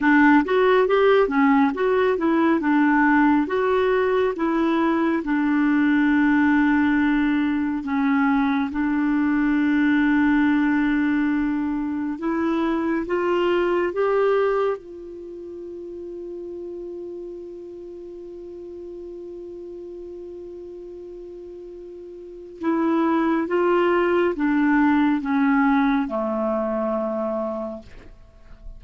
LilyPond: \new Staff \with { instrumentName = "clarinet" } { \time 4/4 \tempo 4 = 69 d'8 fis'8 g'8 cis'8 fis'8 e'8 d'4 | fis'4 e'4 d'2~ | d'4 cis'4 d'2~ | d'2 e'4 f'4 |
g'4 f'2.~ | f'1~ | f'2 e'4 f'4 | d'4 cis'4 a2 | }